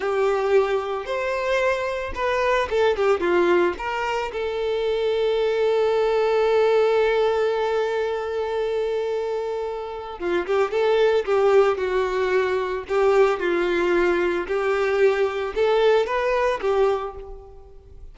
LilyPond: \new Staff \with { instrumentName = "violin" } { \time 4/4 \tempo 4 = 112 g'2 c''2 | b'4 a'8 g'8 f'4 ais'4 | a'1~ | a'1~ |
a'2. f'8 g'8 | a'4 g'4 fis'2 | g'4 f'2 g'4~ | g'4 a'4 b'4 g'4 | }